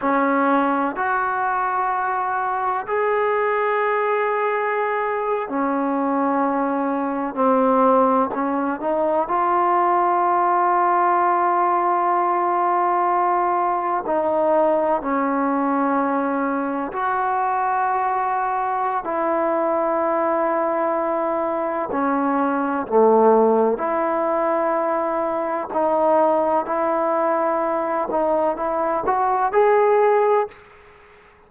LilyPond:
\new Staff \with { instrumentName = "trombone" } { \time 4/4 \tempo 4 = 63 cis'4 fis'2 gis'4~ | gis'4.~ gis'16 cis'2 c'16~ | c'8. cis'8 dis'8 f'2~ f'16~ | f'2~ f'8. dis'4 cis'16~ |
cis'4.~ cis'16 fis'2~ fis'16 | e'2. cis'4 | a4 e'2 dis'4 | e'4. dis'8 e'8 fis'8 gis'4 | }